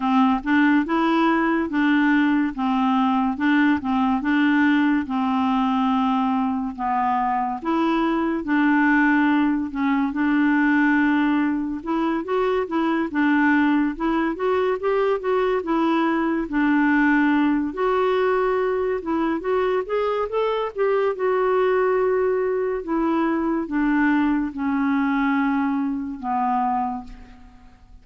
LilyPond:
\new Staff \with { instrumentName = "clarinet" } { \time 4/4 \tempo 4 = 71 c'8 d'8 e'4 d'4 c'4 | d'8 c'8 d'4 c'2 | b4 e'4 d'4. cis'8 | d'2 e'8 fis'8 e'8 d'8~ |
d'8 e'8 fis'8 g'8 fis'8 e'4 d'8~ | d'4 fis'4. e'8 fis'8 gis'8 | a'8 g'8 fis'2 e'4 | d'4 cis'2 b4 | }